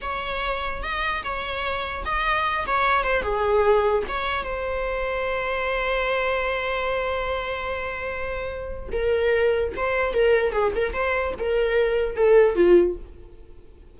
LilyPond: \new Staff \with { instrumentName = "viola" } { \time 4/4 \tempo 4 = 148 cis''2 dis''4 cis''4~ | cis''4 dis''4. cis''4 c''8 | gis'2 cis''4 c''4~ | c''1~ |
c''1~ | c''2 ais'2 | c''4 ais'4 gis'8 ais'8 c''4 | ais'2 a'4 f'4 | }